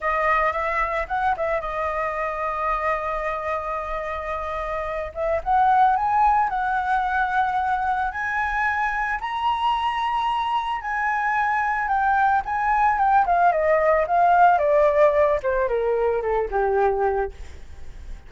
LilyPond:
\new Staff \with { instrumentName = "flute" } { \time 4/4 \tempo 4 = 111 dis''4 e''4 fis''8 e''8 dis''4~ | dis''1~ | dis''4. e''8 fis''4 gis''4 | fis''2. gis''4~ |
gis''4 ais''2. | gis''2 g''4 gis''4 | g''8 f''8 dis''4 f''4 d''4~ | d''8 c''8 ais'4 a'8 g'4. | }